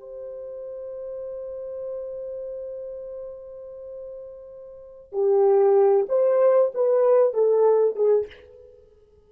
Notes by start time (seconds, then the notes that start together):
0.00 C5
5.12 G4
6.09 C5
6.74 B4
7.34 A4
7.95 G#4